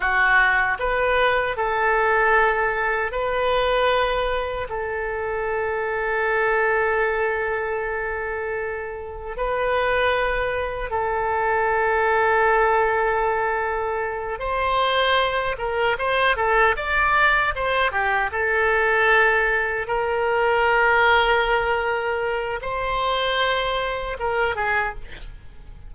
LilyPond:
\new Staff \with { instrumentName = "oboe" } { \time 4/4 \tempo 4 = 77 fis'4 b'4 a'2 | b'2 a'2~ | a'1 | b'2 a'2~ |
a'2~ a'8 c''4. | ais'8 c''8 a'8 d''4 c''8 g'8 a'8~ | a'4. ais'2~ ais'8~ | ais'4 c''2 ais'8 gis'8 | }